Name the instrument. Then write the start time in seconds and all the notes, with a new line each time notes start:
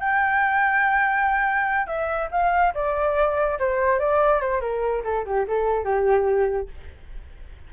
flute
0.00 G5
1.87 E5
2.31 F5
2.74 D5
3.59 C5
3.99 D5
4.41 C5
4.61 A#4
5.04 A4
5.25 G4
5.48 A4
5.84 G4